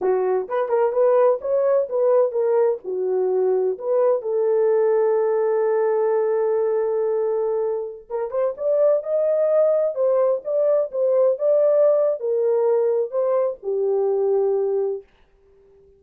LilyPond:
\new Staff \with { instrumentName = "horn" } { \time 4/4 \tempo 4 = 128 fis'4 b'8 ais'8 b'4 cis''4 | b'4 ais'4 fis'2 | b'4 a'2.~ | a'1~ |
a'4~ a'16 ais'8 c''8 d''4 dis''8.~ | dis''4~ dis''16 c''4 d''4 c''8.~ | c''16 d''4.~ d''16 ais'2 | c''4 g'2. | }